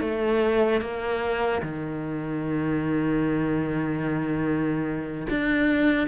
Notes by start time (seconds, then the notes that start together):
0.00 A3
0.81 A#3
1.62 D#3
5.29 D4